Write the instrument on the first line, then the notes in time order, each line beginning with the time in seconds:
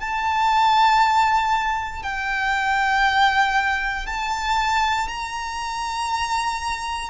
violin
0.00 A5
2.03 G5
4.06 A5
5.08 A#5